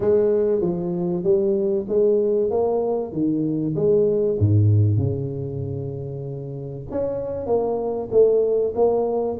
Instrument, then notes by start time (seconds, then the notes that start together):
tuba
0.00 G#3
0.61 F3
1.23 G3
1.88 G#3
2.50 A#3
3.12 D#3
3.75 G#3
4.39 G#2
4.97 C#3
6.91 C#4
7.46 A#3
8.11 A3
8.75 A#3